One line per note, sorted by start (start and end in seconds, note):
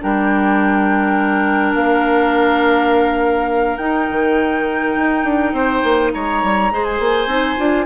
0.00 1.75 G3
0.00 3.79 D4
0.00 5.54 A#4
0.00 1.75 G5
1.75 3.79 A#3
1.75 3.77 F5
3.77 4.08 D#4
3.77 6.71 D#4
3.77 6.10 G5
4.10 4.96 D#3
4.96 5.24 D#4
5.24 5.53 D4
5.53 5.82 C4
5.53 6.12 C5
5.84 6.13 A#3
6.14 6.43 G#3
6.14 6.73 C#5
6.14 6.85 A#5
6.43 6.72 G3
6.72 7.00 G#3
6.72 7.29 G#4
6.72 7.86 C5
6.85 7.86 G#5
7.00 7.26 A#3
7.26 7.56 C4
7.26 7.57 D#4
7.57 7.86 D4
7.57 7.86 F4